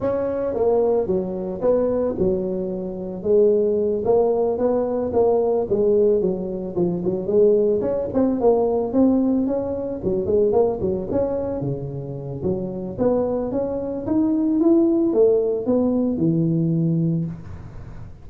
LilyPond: \new Staff \with { instrumentName = "tuba" } { \time 4/4 \tempo 4 = 111 cis'4 ais4 fis4 b4 | fis2 gis4. ais8~ | ais8 b4 ais4 gis4 fis8~ | fis8 f8 fis8 gis4 cis'8 c'8 ais8~ |
ais8 c'4 cis'4 fis8 gis8 ais8 | fis8 cis'4 cis4. fis4 | b4 cis'4 dis'4 e'4 | a4 b4 e2 | }